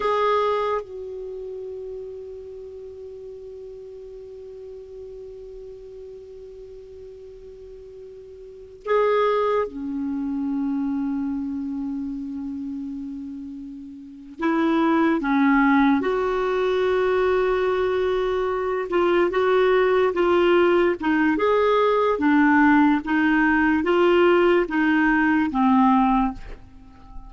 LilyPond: \new Staff \with { instrumentName = "clarinet" } { \time 4/4 \tempo 4 = 73 gis'4 fis'2.~ | fis'1~ | fis'2~ fis'8. gis'4 cis'16~ | cis'1~ |
cis'4. e'4 cis'4 fis'8~ | fis'2. f'8 fis'8~ | fis'8 f'4 dis'8 gis'4 d'4 | dis'4 f'4 dis'4 c'4 | }